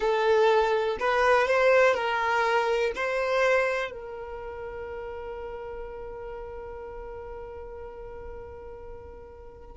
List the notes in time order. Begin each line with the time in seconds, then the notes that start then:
0.00 A4
0.99 B4
1.47 C5
1.94 A#4
2.95 C5
3.91 A#4